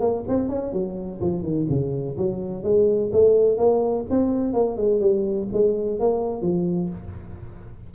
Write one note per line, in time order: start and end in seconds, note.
0.00 0.24 A#3
0.28 0.49 C4
0.49 0.73 C#4
0.73 1.20 F#3
1.21 1.42 F3
1.42 1.66 D#3
1.69 2.17 C#3
2.17 2.63 F#3
2.63 3.11 G#3
3.13 3.58 A3
3.58 4.05 A#3
4.10 4.53 C4
4.53 4.77 A#3
4.77 5.00 G#3
5.00 5.48 G3
5.53 5.99 G#3
5.99 6.41 A#3
6.41 6.89 F3